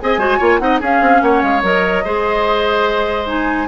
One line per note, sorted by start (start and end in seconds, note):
0.00 0.17 C4
0.00 0.20 G#4
0.00 0.19 D#5
0.00 0.59 G#5
0.17 0.38 G#3
0.17 0.40 F#4
0.17 0.38 C5
0.38 0.60 A#3
0.38 0.60 F4
0.38 0.59 C#5
0.59 0.81 C4
0.59 0.81 D#4
0.59 0.80 D#5
0.59 0.79 F#5
0.80 1.01 C#4
0.80 1.63 C#4
0.80 1.21 G#4
0.80 1.22 F5
1.01 1.21 C4
1.22 1.43 A#3
1.22 2.04 C#5
1.22 1.42 F#5
1.42 1.63 G#3
1.42 1.63 F5
1.63 2.04 F#3
1.63 2.04 A#4
1.63 3.27 D#5
2.04 3.68 G#3
2.04 3.26 G#4
2.04 3.68 C5
3.26 3.68 D#4
3.26 3.68 G#5